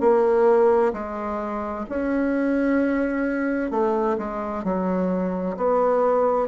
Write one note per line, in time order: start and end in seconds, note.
0.00 0.92 A#3
0.93 1.85 G#3
1.89 3.70 C#4
3.70 4.17 A3
4.18 4.64 G#3
4.64 5.56 F#3
5.57 6.47 B3